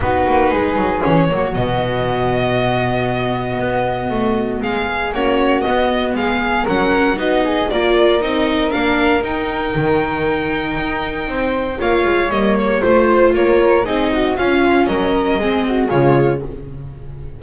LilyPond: <<
  \new Staff \with { instrumentName = "violin" } { \time 4/4 \tempo 4 = 117 b'2 cis''4 dis''4~ | dis''1~ | dis''4 f''4 cis''4 dis''4 | f''4 fis''4 dis''4 d''4 |
dis''4 f''4 g''2~ | g''2. f''4 | dis''8 cis''8 c''4 cis''4 dis''4 | f''4 dis''2 cis''4 | }
  \new Staff \with { instrumentName = "flute" } { \time 4/4 fis'4 gis'4. fis'4.~ | fis'1~ | fis'4 gis'4 fis'2 | gis'4 ais'4 fis'8 gis'8 ais'4~ |
ais'1~ | ais'2 c''4 cis''4~ | cis''4 c''4 ais'4 gis'8 fis'8 | f'4 ais'4 gis'8 fis'8 f'4 | }
  \new Staff \with { instrumentName = "viola" } { \time 4/4 dis'2 cis'8 ais8 b4~ | b1~ | b2 cis'4 b4~ | b4 cis'4 dis'4 f'4 |
dis'4 d'4 dis'2~ | dis'2. f'4 | ais4 f'2 dis'4 | cis'2 c'4 gis4 | }
  \new Staff \with { instrumentName = "double bass" } { \time 4/4 b8 ais8 gis8 fis8 e8 fis8 b,4~ | b,2. b4 | a4 gis4 ais4 b4 | gis4 fis4 b4 ais4 |
c'4 ais4 dis'4 dis4~ | dis4 dis'4 c'4 ais8 gis8 | g4 a4 ais4 c'4 | cis'4 fis4 gis4 cis4 | }
>>